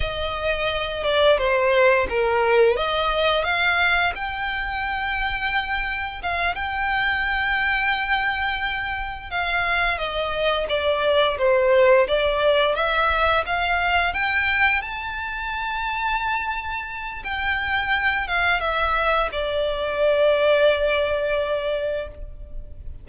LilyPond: \new Staff \with { instrumentName = "violin" } { \time 4/4 \tempo 4 = 87 dis''4. d''8 c''4 ais'4 | dis''4 f''4 g''2~ | g''4 f''8 g''2~ g''8~ | g''4. f''4 dis''4 d''8~ |
d''8 c''4 d''4 e''4 f''8~ | f''8 g''4 a''2~ a''8~ | a''4 g''4. f''8 e''4 | d''1 | }